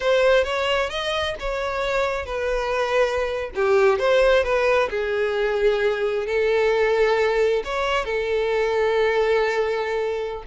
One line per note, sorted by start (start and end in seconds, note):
0.00 0.44 C5
0.44 0.89 C#5
0.89 1.35 D#5
1.39 2.25 C#5
2.25 3.50 B4
3.55 3.98 G4
3.98 4.43 C5
4.43 4.89 B4
4.89 6.26 G#4
6.26 7.62 A4
7.64 8.05 C#5
8.05 10.43 A4